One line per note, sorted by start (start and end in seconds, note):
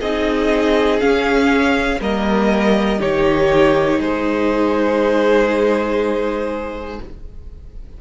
0.00 1.01 C4
0.00 1.01 D#4
0.00 2.00 G#4
0.00 1.01 D#5
1.01 2.01 C#4
1.01 2.01 F5
2.01 3.01 G3
2.01 3.00 A#3
2.01 3.00 A#4
2.01 3.01 D#5
3.00 3.99 D#3
3.00 7.00 D#4
3.00 4.00 G4
3.00 4.01 C#5
3.99 6.99 G#3
3.99 7.00 G#4
3.99 7.02 C5